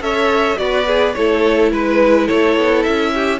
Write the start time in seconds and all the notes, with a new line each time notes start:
0.00 C#4 A4 C#5 E5
0.58 B3 F#4 B4 D5
0.86 G#4
1.13 A3 E4 A4 C#5
1.72 G#3 B4
2.26 A3 A4 C#5
2.57 B3
2.82 C#4 E5
3.14 G4